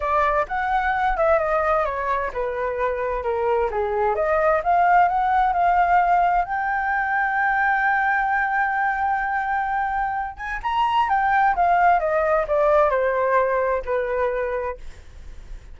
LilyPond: \new Staff \with { instrumentName = "flute" } { \time 4/4 \tempo 4 = 130 d''4 fis''4. e''8 dis''4 | cis''4 b'2 ais'4 | gis'4 dis''4 f''4 fis''4 | f''2 g''2~ |
g''1~ | g''2~ g''8 gis''8 ais''4 | g''4 f''4 dis''4 d''4 | c''2 b'2 | }